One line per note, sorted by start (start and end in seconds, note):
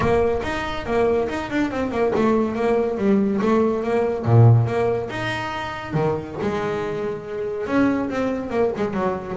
0.00 0.41 A#3
0.43 0.85 D#4
0.85 1.28 A#3
1.29 1.50 D#4
1.50 1.70 D4
1.70 1.91 C4
1.91 2.12 A#3
2.15 2.55 A3
2.55 2.97 A#3
2.97 3.40 G3
3.41 3.83 A3
3.83 4.25 A#3
4.25 4.66 A#2
4.66 5.09 A#3
5.09 5.93 D#4
5.93 6.36 D#3
6.41 7.66 G#3
7.66 8.09 C#4
8.09 8.50 C4
8.50 8.71 A#3
8.76 8.93 G#3
8.93 9.36 F#3